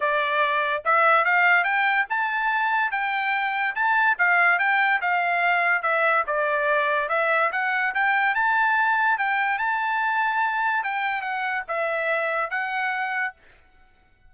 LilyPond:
\new Staff \with { instrumentName = "trumpet" } { \time 4/4 \tempo 4 = 144 d''2 e''4 f''4 | g''4 a''2 g''4~ | g''4 a''4 f''4 g''4 | f''2 e''4 d''4~ |
d''4 e''4 fis''4 g''4 | a''2 g''4 a''4~ | a''2 g''4 fis''4 | e''2 fis''2 | }